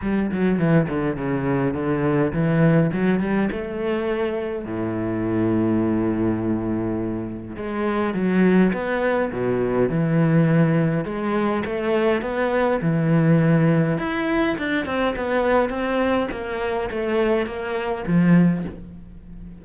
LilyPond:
\new Staff \with { instrumentName = "cello" } { \time 4/4 \tempo 4 = 103 g8 fis8 e8 d8 cis4 d4 | e4 fis8 g8 a2 | a,1~ | a,4 gis4 fis4 b4 |
b,4 e2 gis4 | a4 b4 e2 | e'4 d'8 c'8 b4 c'4 | ais4 a4 ais4 f4 | }